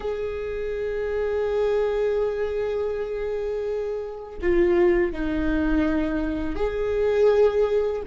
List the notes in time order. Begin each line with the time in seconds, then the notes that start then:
0.00 G#4
4.41 F4
5.12 D#4
6.55 G#4